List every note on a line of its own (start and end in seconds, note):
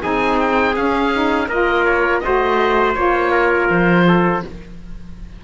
0.00 0.76 C4
0.00 0.73 D#4
0.00 1.48 G#4
0.00 0.39 G#5
0.39 0.76 G5
0.74 1.11 C#4
0.74 1.48 C#4
0.74 1.49 F5
1.13 1.49 D#4
1.48 2.21 A#3
1.48 2.22 F4
1.48 2.21 A#4
1.48 1.84 D#5
1.84 2.19 C#5
2.19 2.95 F#4
2.19 3.31 C5
2.19 2.93 D#5
2.26 2.95 A3
2.94 3.68 A#3
2.94 4.41 F4
2.94 3.67 C#5
3.31 4.04 A#4
3.69 4.42 F3
3.69 4.43 C5
4.07 4.44 A4